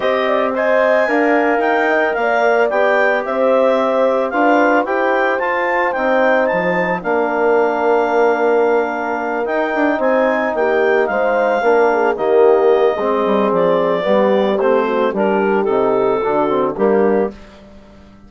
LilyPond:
<<
  \new Staff \with { instrumentName = "clarinet" } { \time 4/4 \tempo 4 = 111 dis''4 gis''2 g''4 | f''4 g''4 e''2 | f''4 g''4 a''4 g''4 | a''4 f''2.~ |
f''4. g''4 gis''4 g''8~ | g''8 f''2 dis''4.~ | dis''4 d''2 c''4 | ais'4 a'2 g'4 | }
  \new Staff \with { instrumentName = "horn" } { \time 4/4 c''8 d''8 dis''4 f''4. dis''8 | d''2 c''2 | b'4 c''2.~ | c''4 ais'2.~ |
ais'2~ ais'8 c''4 g'8~ | g'8 c''4 ais'8 gis'8 g'4. | gis'2 g'4. fis'8 | g'2 fis'4 d'4 | }
  \new Staff \with { instrumentName = "trombone" } { \time 4/4 g'4 c''4 ais'2~ | ais'4 g'2. | f'4 g'4 f'4 dis'4~ | dis'4 d'2.~ |
d'4. dis'2~ dis'8~ | dis'4. d'4 ais4. | c'2 b4 c'4 | d'4 dis'4 d'8 c'8 ais4 | }
  \new Staff \with { instrumentName = "bassoon" } { \time 4/4 c'2 d'4 dis'4 | ais4 b4 c'2 | d'4 e'4 f'4 c'4 | f4 ais2.~ |
ais4. dis'8 d'8 c'4 ais8~ | ais8 gis4 ais4 dis4. | gis8 g8 f4 g4 a4 | g4 c4 d4 g4 | }
>>